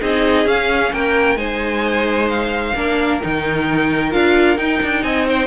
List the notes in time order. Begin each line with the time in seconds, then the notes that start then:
0.00 C4 D#4 G#4 D#5
0.45 C#4 F5
0.92 A#3 A#4 G5
1.35 G#3 D#4 C5 G#5
2.29 F5
2.75 A#3 D4 A#4
3.22 D#3 D#4 G5
4.10 D4 F4 F5
4.57 D#4 G5
4.82 D4
5.03 C4 D#5 G#5
5.27 C5 G5